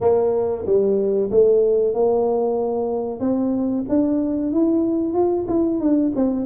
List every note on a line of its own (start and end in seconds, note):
0.00 0.65 A#3
0.65 1.30 G3
1.30 1.94 A3
1.94 3.20 A#3
3.20 3.84 C4
3.88 4.52 D4
4.52 5.13 E4
5.13 5.45 F4
5.48 5.80 E4
5.80 6.12 D4
6.15 6.45 C4